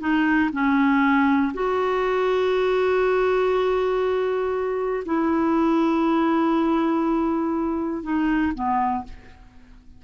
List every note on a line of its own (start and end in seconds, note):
0.00 0.50 D#4
0.53 1.53 C#4
1.54 5.04 F#4
5.05 8.03 E4
8.03 8.53 D#4
8.54 9.04 B3